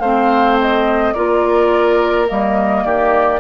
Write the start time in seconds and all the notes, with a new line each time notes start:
0.00 A3 C4 C5 F5
0.61 D#5
1.13 A#3 F4 A#4 D5
2.28 G3 A#3 D#5
2.85 D#3 G4 D5